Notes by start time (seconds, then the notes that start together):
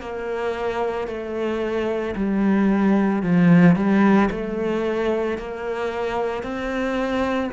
0.00 A#3
1.07 A3
2.15 G3
3.22 F3
3.75 G3
4.30 A3
5.38 A#3
6.43 C4